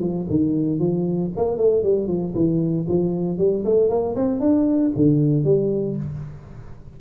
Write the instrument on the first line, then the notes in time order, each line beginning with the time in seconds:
tuba
0.00 F3
0.30 D#3
0.79 F3
1.37 A#3
1.58 A3
1.84 G3
2.08 F3
2.35 E3
2.88 F3
3.38 G3
3.65 A3
3.90 A#3
4.16 C4
4.40 D4
4.96 D3
5.45 G3